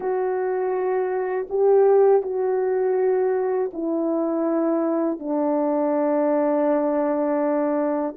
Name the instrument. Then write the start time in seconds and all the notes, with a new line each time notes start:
horn
0.00 F#4
1.49 G4
2.22 F#4
3.73 E4
5.19 D4